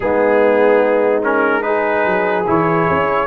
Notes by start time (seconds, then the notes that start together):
0.00 G#3 B3 D#4 G#4
1.22 C#4 A#4
1.62 D#4 G#4 B4
2.04 F#3
2.46 E3 E4 C#5
2.89 C#4